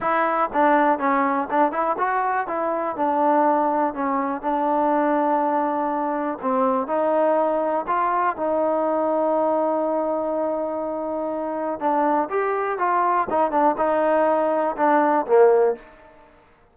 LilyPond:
\new Staff \with { instrumentName = "trombone" } { \time 4/4 \tempo 4 = 122 e'4 d'4 cis'4 d'8 e'8 | fis'4 e'4 d'2 | cis'4 d'2.~ | d'4 c'4 dis'2 |
f'4 dis'2.~ | dis'1 | d'4 g'4 f'4 dis'8 d'8 | dis'2 d'4 ais4 | }